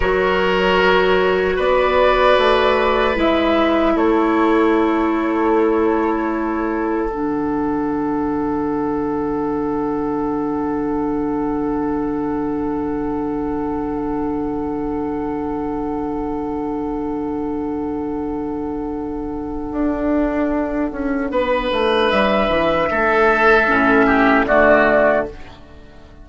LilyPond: <<
  \new Staff \with { instrumentName = "flute" } { \time 4/4 \tempo 4 = 76 cis''2 d''2 | e''4 cis''2.~ | cis''4 fis''2.~ | fis''1~ |
fis''1~ | fis''1~ | fis''1 | e''2. d''4 | }
  \new Staff \with { instrumentName = "oboe" } { \time 4/4 ais'2 b'2~ | b'4 a'2.~ | a'1~ | a'1~ |
a'1~ | a'1~ | a'2. b'4~ | b'4 a'4. g'8 fis'4 | }
  \new Staff \with { instrumentName = "clarinet" } { \time 4/4 fis'1 | e'1~ | e'4 d'2.~ | d'1~ |
d'1~ | d'1~ | d'1~ | d'2 cis'4 a4 | }
  \new Staff \with { instrumentName = "bassoon" } { \time 4/4 fis2 b4 a4 | gis4 a2.~ | a4 d2.~ | d1~ |
d1~ | d1~ | d4 d'4. cis'8 b8 a8 | g8 e8 a4 a,4 d4 | }
>>